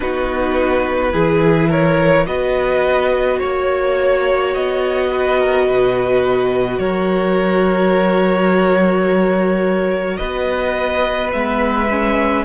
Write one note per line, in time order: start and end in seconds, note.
0.00 1.13 B3
0.00 1.12 D#4
0.00 1.12 F#4
0.00 1.70 B4
1.12 2.26 E3
1.12 2.25 E4
1.12 1.69 G#4
1.69 2.25 A#4
1.69 2.26 C#5
2.26 3.40 B3
2.26 11.31 F#4
2.26 3.38 B4
2.26 3.39 D#5
3.38 4.55 A#3
3.38 5.08 C#5
3.38 4.54 C#5
4.54 5.68 B3
4.54 6.79 D#5
5.11 5.38 B4
5.38 5.67 A#4
5.67 6.78 B2
5.67 6.80 B4
6.78 10.18 F#3
6.78 10.18 A#4
6.78 10.17 C#5
10.17 11.33 B3
10.17 12.45 B4
10.17 11.30 D#5
11.31 12.45 G#3
11.31 11.88 B3
11.31 12.45 E5
11.90 12.45 C#4